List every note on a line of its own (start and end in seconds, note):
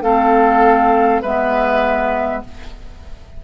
0.00 1.20 A3
0.00 1.24 C4
0.00 1.22 A4
0.00 1.22 F5
1.22 2.43 G#3
1.22 2.44 B3
1.22 2.42 B4
1.22 2.42 E5